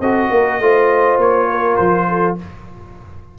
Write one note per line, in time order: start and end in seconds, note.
0.00 0.29 C4
0.00 0.62 F#4
0.00 0.30 A4
0.00 1.19 D#5
0.30 0.60 A#3
0.30 0.60 A#4
0.60 1.18 A3
0.60 2.38 F4
0.60 1.50 C5
1.18 1.77 A#3
1.18 1.76 C#5
1.50 2.08 A#4
1.76 2.38 F3
1.76 2.35 C5
2.09 2.38 A4